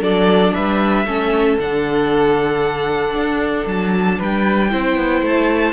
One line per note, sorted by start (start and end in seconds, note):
0.00 0.52 F#3
0.00 1.05 D4
0.00 0.54 A4
0.00 0.53 D5
0.53 1.05 G3
0.53 1.06 B4
0.53 1.58 E5
1.05 1.57 A3
1.05 1.58 C#4
1.05 4.18 A4
1.58 3.15 D3
1.58 4.70 D4
1.58 3.67 F#5
3.15 3.66 D4
3.66 4.18 F#3
3.66 4.19 A5
4.18 4.73 G3
4.18 4.70 B4
4.18 5.26 G5
4.70 4.96 C4
4.70 5.72 E4
4.70 5.72 C5
4.96 5.21 B3
5.21 5.72 A3
5.21 5.72 A5